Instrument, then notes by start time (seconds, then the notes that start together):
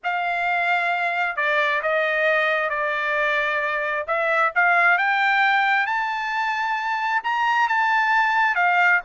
trumpet
0.03 F5
1.36 D5
1.82 D#5
2.69 D5
4.07 E5
4.55 F5
4.98 G5
5.86 A5
7.23 A#5
7.68 A5
8.55 F5